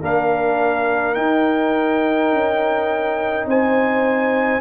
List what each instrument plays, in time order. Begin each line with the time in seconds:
0.00 tuba A#3, trombone D4, horn A#4, trumpet F5
1.15 trombone D#4, tuba D#4, trumpet G5
2.32 tuba C#4
3.45 tuba C4, horn C5, trumpet G#5